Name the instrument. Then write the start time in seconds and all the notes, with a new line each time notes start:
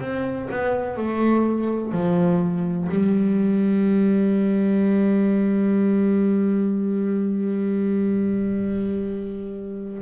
double bass
0.00 C4
0.50 B3
0.97 A3
1.92 F3
2.89 G3